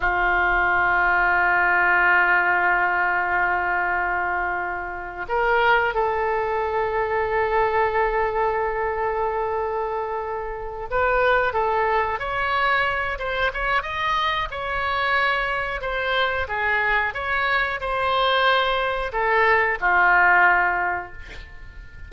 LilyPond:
\new Staff \with { instrumentName = "oboe" } { \time 4/4 \tempo 4 = 91 f'1~ | f'1 | ais'4 a'2.~ | a'1~ |
a'8 b'4 a'4 cis''4. | c''8 cis''8 dis''4 cis''2 | c''4 gis'4 cis''4 c''4~ | c''4 a'4 f'2 | }